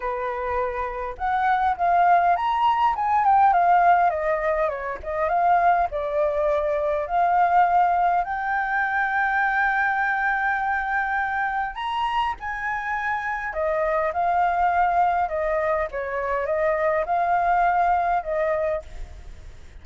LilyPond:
\new Staff \with { instrumentName = "flute" } { \time 4/4 \tempo 4 = 102 b'2 fis''4 f''4 | ais''4 gis''8 g''8 f''4 dis''4 | cis''8 dis''8 f''4 d''2 | f''2 g''2~ |
g''1 | ais''4 gis''2 dis''4 | f''2 dis''4 cis''4 | dis''4 f''2 dis''4 | }